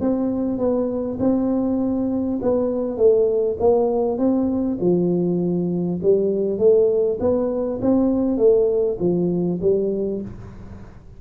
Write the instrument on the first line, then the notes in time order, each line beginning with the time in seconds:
tuba
0.00 C4
0.58 B3
1.19 C4
2.42 B3
2.97 A3
3.59 A#3
4.18 C4
4.80 F3
6.02 G3
6.58 A3
7.20 B3
7.81 C4
8.37 A3
8.99 F3
9.61 G3